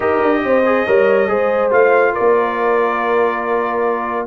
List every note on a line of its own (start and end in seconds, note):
0.00 0.20 D#4
0.00 0.63 G4
0.00 0.42 A#4
0.00 1.72 D#5
0.22 0.43 D4
0.43 0.86 C4
0.43 0.86 C5
0.66 0.86 G#4
0.86 1.29 G3
0.86 1.28 A#4
0.86 1.29 C#5
1.28 1.72 G#3
1.28 1.71 G#4
1.28 2.13 C5
1.71 2.14 A3
1.71 4.27 F4
1.71 2.14 F5
2.13 4.27 A#4
2.13 4.27 D5
2.19 4.27 A#3